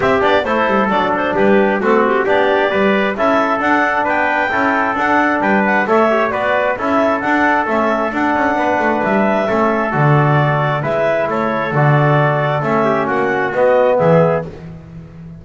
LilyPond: <<
  \new Staff \with { instrumentName = "clarinet" } { \time 4/4 \tempo 4 = 133 e''8 d''8 c''4 d''8 c''8 b'4 | a'8 g'8 d''2 e''4 | fis''4 g''2 fis''4 | g''8 fis''8 e''4 d''4 e''4 |
fis''4 e''4 fis''2 | e''2 d''2 | e''4 cis''4 d''2 | e''4 fis''4 dis''4 e''4 | }
  \new Staff \with { instrumentName = "trumpet" } { \time 4/4 g'4 a'2 g'4 | fis'4 g'4 b'4 a'4~ | a'4 b'4 a'2 | b'4 cis''4 b'4 a'4~ |
a'2. b'4~ | b'4 a'2. | b'4 a'2.~ | a'8 g'8 fis'2 gis'4 | }
  \new Staff \with { instrumentName = "trombone" } { \time 4/4 c'8 d'8 e'4 d'2 | c'4 d'4 g'4 e'4 | d'2 e'4 d'4~ | d'4 a'8 g'8 fis'4 e'4 |
d'4 cis'4 d'2~ | d'4 cis'4 fis'2 | e'2 fis'2 | cis'2 b2 | }
  \new Staff \with { instrumentName = "double bass" } { \time 4/4 c'8 b8 a8 g8 fis4 g4 | a4 b4 g4 cis'4 | d'4 b4 cis'4 d'4 | g4 a4 b4 cis'4 |
d'4 a4 d'8 cis'8 b8 a8 | g4 a4 d2 | gis4 a4 d2 | a4 ais4 b4 e4 | }
>>